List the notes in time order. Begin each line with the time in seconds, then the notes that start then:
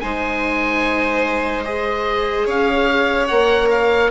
0.00 G#3 D#4 C5 G#5
1.64 G#4 D#5
2.46 C#4 C#5 F5
3.28 A#3 A#4 F#5
3.71 F5